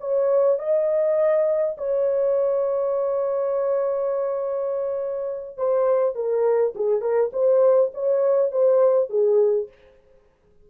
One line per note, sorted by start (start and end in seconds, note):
0.00 0.59 C#5
0.59 1.76 D#5
1.78 5.57 C#5
5.57 6.15 C5
6.15 6.74 A#4
6.75 7.01 G#4
7.01 7.30 A#4
7.33 7.92 C5
7.94 8.52 C#5
8.52 9.10 C5
9.10 9.68 G#4